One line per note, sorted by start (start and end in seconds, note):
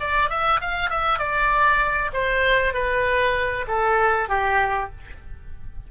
0.00 0.29 D5
0.29 0.60 E5
0.61 0.90 F5
0.90 1.19 E5
1.19 2.11 D5
2.13 2.74 C5
2.74 3.65 B4
3.68 4.29 A4
4.29 4.90 G4